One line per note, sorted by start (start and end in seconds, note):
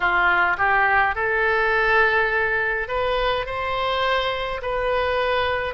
0.00 0.57 F4
0.57 1.15 G4
1.15 2.88 A4
2.88 3.46 B4
3.46 4.61 C5
4.62 5.74 B4